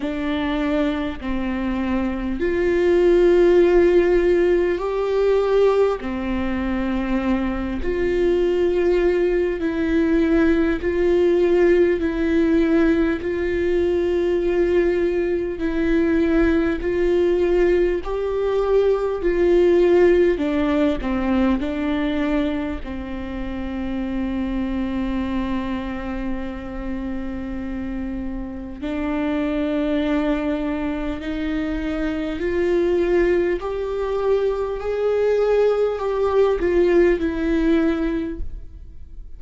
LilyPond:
\new Staff \with { instrumentName = "viola" } { \time 4/4 \tempo 4 = 50 d'4 c'4 f'2 | g'4 c'4. f'4. | e'4 f'4 e'4 f'4~ | f'4 e'4 f'4 g'4 |
f'4 d'8 c'8 d'4 c'4~ | c'1 | d'2 dis'4 f'4 | g'4 gis'4 g'8 f'8 e'4 | }